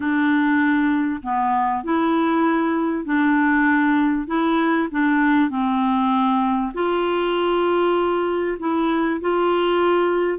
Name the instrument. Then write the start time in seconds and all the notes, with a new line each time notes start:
clarinet
0.00 D4
1.22 B3
1.83 E4
3.04 D4
4.27 E4
4.91 D4
5.50 C4
6.73 F4
8.59 E4
9.20 F4